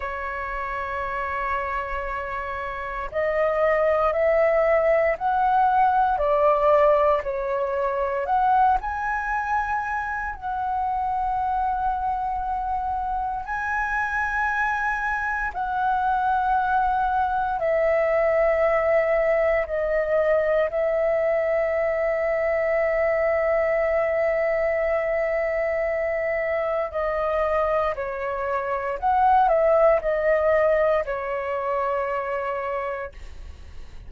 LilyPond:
\new Staff \with { instrumentName = "flute" } { \time 4/4 \tempo 4 = 58 cis''2. dis''4 | e''4 fis''4 d''4 cis''4 | fis''8 gis''4. fis''2~ | fis''4 gis''2 fis''4~ |
fis''4 e''2 dis''4 | e''1~ | e''2 dis''4 cis''4 | fis''8 e''8 dis''4 cis''2 | }